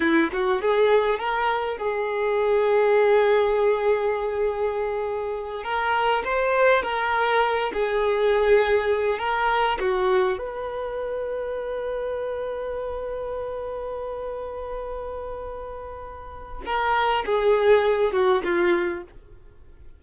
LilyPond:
\new Staff \with { instrumentName = "violin" } { \time 4/4 \tempo 4 = 101 e'8 fis'8 gis'4 ais'4 gis'4~ | gis'1~ | gis'4. ais'4 c''4 ais'8~ | ais'4 gis'2~ gis'8 ais'8~ |
ais'8 fis'4 b'2~ b'8~ | b'1~ | b'1 | ais'4 gis'4. fis'8 f'4 | }